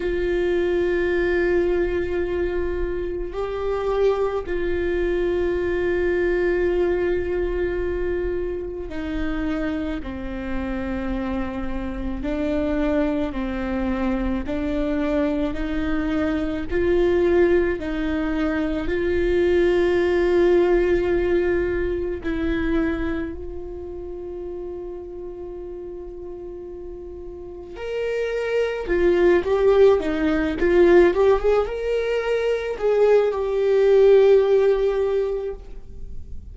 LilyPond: \new Staff \with { instrumentName = "viola" } { \time 4/4 \tempo 4 = 54 f'2. g'4 | f'1 | dis'4 c'2 d'4 | c'4 d'4 dis'4 f'4 |
dis'4 f'2. | e'4 f'2.~ | f'4 ais'4 f'8 g'8 dis'8 f'8 | g'16 gis'16 ais'4 gis'8 g'2 | }